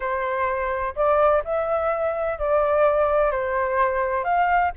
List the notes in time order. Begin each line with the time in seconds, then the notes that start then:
0.00 C5
0.95 D5
1.44 E5
2.39 D5
3.31 C5
4.24 F5